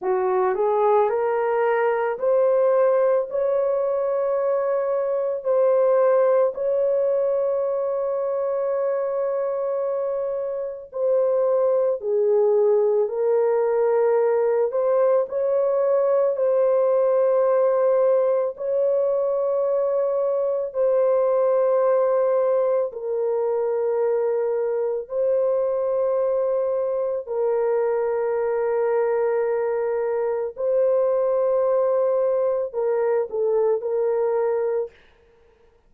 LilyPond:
\new Staff \with { instrumentName = "horn" } { \time 4/4 \tempo 4 = 55 fis'8 gis'8 ais'4 c''4 cis''4~ | cis''4 c''4 cis''2~ | cis''2 c''4 gis'4 | ais'4. c''8 cis''4 c''4~ |
c''4 cis''2 c''4~ | c''4 ais'2 c''4~ | c''4 ais'2. | c''2 ais'8 a'8 ais'4 | }